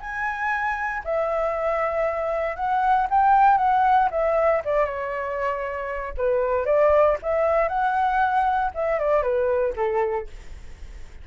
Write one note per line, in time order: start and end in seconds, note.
0.00 1.03 G#5
1.04 2.56 E5
2.56 3.07 F#5
3.10 3.58 G5
3.58 4.09 F#5
4.11 4.62 E5
4.65 4.85 D5
4.85 6.14 C#5
6.17 6.65 B4
6.65 7.17 D5
7.22 7.69 E5
7.69 8.71 F#5
8.74 8.99 E5
8.99 9.22 D5
9.22 9.73 B4
9.76 10.27 A4